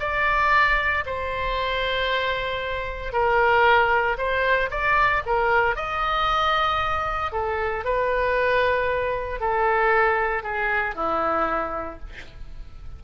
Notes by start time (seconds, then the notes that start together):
0.00 D5
1.06 C5
3.13 A#4
4.18 C5
4.71 D5
5.26 A#4
5.76 D#5
7.32 A4
7.85 B4
9.40 A4
10.43 G#4
10.95 E4